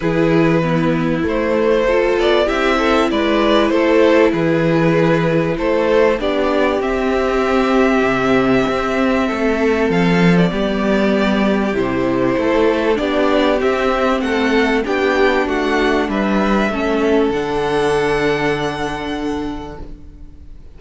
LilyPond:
<<
  \new Staff \with { instrumentName = "violin" } { \time 4/4 \tempo 4 = 97 b'2 c''4. d''8 | e''4 d''4 c''4 b'4~ | b'4 c''4 d''4 e''4~ | e''1 |
f''8. d''2~ d''16 c''4~ | c''4 d''4 e''4 fis''4 | g''4 fis''4 e''2 | fis''1 | }
  \new Staff \with { instrumentName = "violin" } { \time 4/4 gis'4 e'2 a'4 | g'8 a'8 b'4 a'4 gis'4~ | gis'4 a'4 g'2~ | g'2. a'4~ |
a'4 g'2. | a'4 g'2 a'4 | g'4 fis'4 b'4 a'4~ | a'1 | }
  \new Staff \with { instrumentName = "viola" } { \time 4/4 e'4 b4 a4 f'4 | e'1~ | e'2 d'4 c'4~ | c'1~ |
c'4 b2 e'4~ | e'4 d'4 c'2 | d'2. cis'4 | d'1 | }
  \new Staff \with { instrumentName = "cello" } { \time 4/4 e2 a4. b8 | c'4 gis4 a4 e4~ | e4 a4 b4 c'4~ | c'4 c4 c'4 a4 |
f4 g2 c4 | a4 b4 c'4 a4 | b4 a4 g4 a4 | d1 | }
>>